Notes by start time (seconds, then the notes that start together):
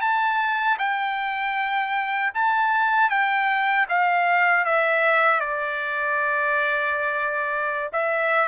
0.00 A5
0.78 G5
2.34 A5
3.09 G5
3.88 F5
4.64 E5
5.40 D5
7.92 E5